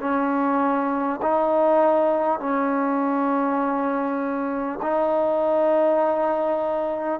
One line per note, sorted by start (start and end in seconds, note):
0.00 1.20 C#4
1.22 2.39 D#4
2.39 4.79 C#4
4.82 7.20 D#4